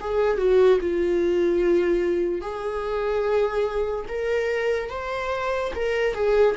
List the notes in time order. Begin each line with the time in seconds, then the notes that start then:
0.00 G#4
0.37 F#4
0.80 F4
2.41 G#4
4.08 A#4
4.89 C5
5.75 A#4
6.14 G#4